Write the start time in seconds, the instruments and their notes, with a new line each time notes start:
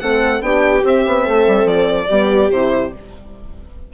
0.00 bassoon A3, horn C4, viola A4, violin F#5
0.41 bassoon B3, horn D4, viola G4, violin G5
0.82 horn C4, bassoon C4, violin E5
1.07 bassoon B3
1.23 bassoon A3, viola A4
1.47 bassoon G3
1.64 bassoon F3, violin D5
2.09 bassoon G3, horn B3, viola G4
2.51 bassoon C3, horn E4, violin C5